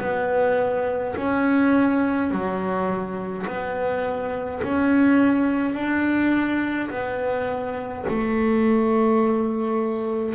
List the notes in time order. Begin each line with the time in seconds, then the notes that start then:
0.00 B3
1.16 C#4
2.31 F#3
3.47 B3
4.63 C#4
5.75 D4
6.90 B3
8.09 A3